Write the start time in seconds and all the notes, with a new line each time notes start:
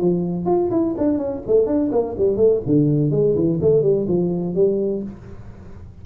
0.00 F3
0.45 F4
0.70 E4
0.97 D4
1.17 C#4
1.46 A3
1.66 D4
1.91 A#3
2.17 G3
2.36 A3
2.65 D3
3.11 G#3
3.35 E3
3.61 A3
3.82 G3
4.08 F3
4.54 G3